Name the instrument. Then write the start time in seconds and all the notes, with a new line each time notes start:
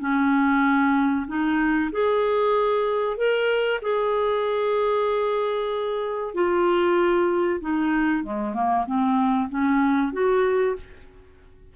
clarinet
0.00 C#4
1.27 D#4
1.92 G#4
3.17 A#4
3.82 G#4
6.34 F4
7.61 D#4
8.24 G#3
8.54 A#3
8.86 C4
9.49 C#4
10.13 F#4